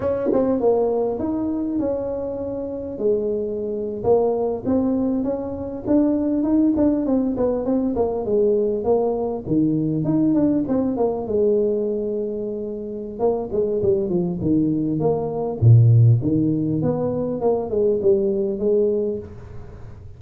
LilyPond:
\new Staff \with { instrumentName = "tuba" } { \time 4/4 \tempo 4 = 100 cis'8 c'8 ais4 dis'4 cis'4~ | cis'4 gis4.~ gis16 ais4 c'16~ | c'8. cis'4 d'4 dis'8 d'8 c'16~ | c'16 b8 c'8 ais8 gis4 ais4 dis16~ |
dis8. dis'8 d'8 c'8 ais8 gis4~ gis16~ | gis2 ais8 gis8 g8 f8 | dis4 ais4 ais,4 dis4 | b4 ais8 gis8 g4 gis4 | }